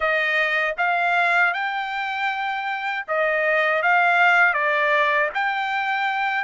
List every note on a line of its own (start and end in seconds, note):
0.00 0.75 D#5
0.77 1.53 F5
1.53 3.05 G5
3.07 3.82 D#5
3.82 4.53 F5
4.53 5.29 D5
5.34 6.44 G5